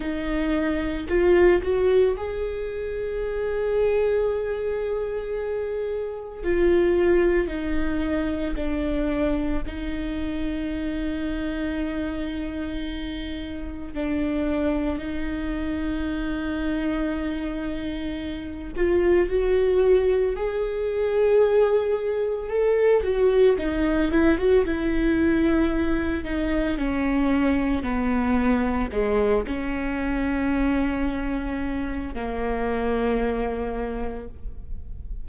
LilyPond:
\new Staff \with { instrumentName = "viola" } { \time 4/4 \tempo 4 = 56 dis'4 f'8 fis'8 gis'2~ | gis'2 f'4 dis'4 | d'4 dis'2.~ | dis'4 d'4 dis'2~ |
dis'4. f'8 fis'4 gis'4~ | gis'4 a'8 fis'8 dis'8 e'16 fis'16 e'4~ | e'8 dis'8 cis'4 b4 gis8 cis'8~ | cis'2 ais2 | }